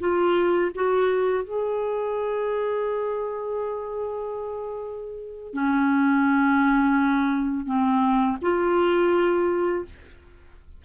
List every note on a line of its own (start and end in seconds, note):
0.00 0.71 F4
0.75 1.44 F#4
1.44 5.54 G#4
5.54 7.66 C#4
7.66 8.38 C4
8.42 9.85 F4